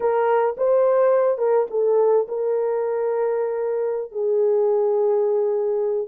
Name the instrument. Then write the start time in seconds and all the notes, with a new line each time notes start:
horn
0.00 A#4
0.57 C5
1.38 A#4
1.70 A4
2.28 A#4
4.11 G#4